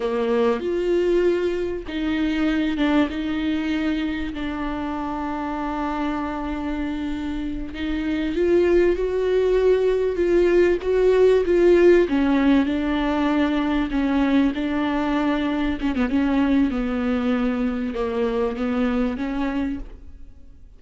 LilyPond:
\new Staff \with { instrumentName = "viola" } { \time 4/4 \tempo 4 = 97 ais4 f'2 dis'4~ | dis'8 d'8 dis'2 d'4~ | d'1~ | d'8 dis'4 f'4 fis'4.~ |
fis'8 f'4 fis'4 f'4 cis'8~ | cis'8 d'2 cis'4 d'8~ | d'4. cis'16 b16 cis'4 b4~ | b4 ais4 b4 cis'4 | }